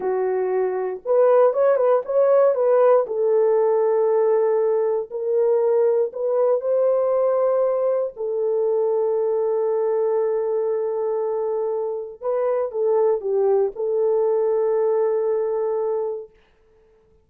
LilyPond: \new Staff \with { instrumentName = "horn" } { \time 4/4 \tempo 4 = 118 fis'2 b'4 cis''8 b'8 | cis''4 b'4 a'2~ | a'2 ais'2 | b'4 c''2. |
a'1~ | a'1 | b'4 a'4 g'4 a'4~ | a'1 | }